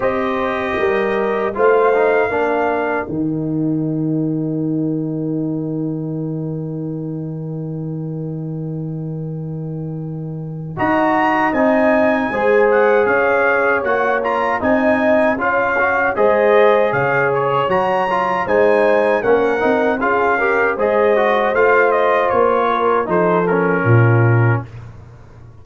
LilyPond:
<<
  \new Staff \with { instrumentName = "trumpet" } { \time 4/4 \tempo 4 = 78 dis''2 f''2 | g''1~ | g''1~ | g''2 ais''4 gis''4~ |
gis''8 fis''8 f''4 fis''8 ais''8 gis''4 | f''4 dis''4 f''8 cis''8 ais''4 | gis''4 fis''4 f''4 dis''4 | f''8 dis''8 cis''4 c''8 ais'4. | }
  \new Staff \with { instrumentName = "horn" } { \time 4/4 c''4 ais'4 c''4 ais'4~ | ais'1~ | ais'1~ | ais'2 dis''2 |
c''4 cis''2 dis''4 | cis''4 c''4 cis''2 | c''4 ais'4 gis'8 ais'8 c''4~ | c''4. ais'8 a'4 f'4 | }
  \new Staff \with { instrumentName = "trombone" } { \time 4/4 g'2 f'8 dis'8 d'4 | dis'1~ | dis'1~ | dis'2 fis'4 dis'4 |
gis'2 fis'8 f'8 dis'4 | f'8 fis'8 gis'2 fis'8 f'8 | dis'4 cis'8 dis'8 f'8 g'8 gis'8 fis'8 | f'2 dis'8 cis'4. | }
  \new Staff \with { instrumentName = "tuba" } { \time 4/4 c'4 g4 a4 ais4 | dis1~ | dis1~ | dis2 dis'4 c'4 |
gis4 cis'4 ais4 c'4 | cis'4 gis4 cis4 fis4 | gis4 ais8 c'8 cis'4 gis4 | a4 ais4 f4 ais,4 | }
>>